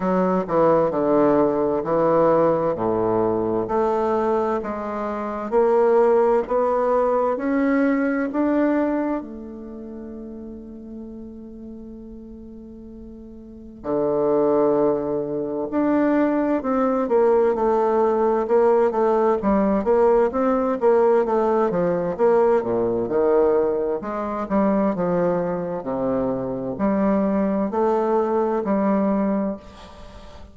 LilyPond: \new Staff \with { instrumentName = "bassoon" } { \time 4/4 \tempo 4 = 65 fis8 e8 d4 e4 a,4 | a4 gis4 ais4 b4 | cis'4 d'4 a2~ | a2. d4~ |
d4 d'4 c'8 ais8 a4 | ais8 a8 g8 ais8 c'8 ais8 a8 f8 | ais8 ais,8 dis4 gis8 g8 f4 | c4 g4 a4 g4 | }